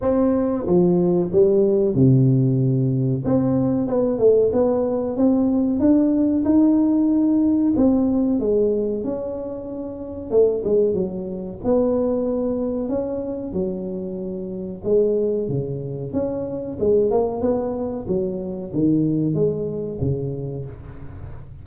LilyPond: \new Staff \with { instrumentName = "tuba" } { \time 4/4 \tempo 4 = 93 c'4 f4 g4 c4~ | c4 c'4 b8 a8 b4 | c'4 d'4 dis'2 | c'4 gis4 cis'2 |
a8 gis8 fis4 b2 | cis'4 fis2 gis4 | cis4 cis'4 gis8 ais8 b4 | fis4 dis4 gis4 cis4 | }